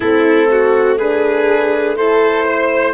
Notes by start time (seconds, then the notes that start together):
0.00 A3 C4 E4 A4
0.50 F#4
0.98 D4 G#4 B4
1.97 E4 A4 C5
2.45 C5